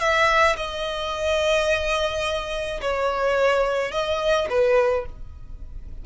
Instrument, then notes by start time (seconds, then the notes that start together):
violin
0.00 E5
0.56 D#5
2.81 C#5
3.92 D#5
4.50 B4